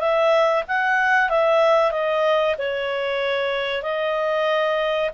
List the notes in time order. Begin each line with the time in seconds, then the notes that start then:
0.00 E5
0.68 F#5
1.30 E5
1.92 D#5
2.59 C#5
3.83 D#5